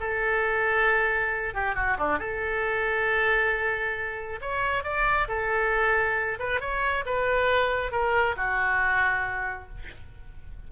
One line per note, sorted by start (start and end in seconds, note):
0.00 1.54 A4
1.54 1.75 G4
1.75 1.97 F#4
1.98 2.19 D4
2.19 4.39 A4
4.41 4.83 C#5
4.83 5.27 D5
5.28 6.38 A4
6.39 6.60 B4
6.60 7.04 C#5
7.05 7.91 B4
7.91 8.35 A#4
8.36 9.68 F#4